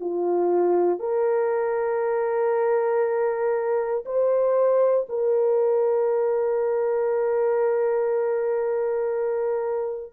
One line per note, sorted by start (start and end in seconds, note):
0.00 0.99 F4
0.99 4.04 A#4
4.05 5.07 C5
5.09 10.13 A#4